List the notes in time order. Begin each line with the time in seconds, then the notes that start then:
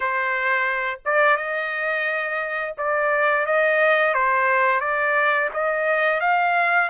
0.00 C5
1.05 D5
1.36 D#5
2.77 D5
3.45 D#5
4.14 C5
4.80 D5
5.53 D#5
6.20 F5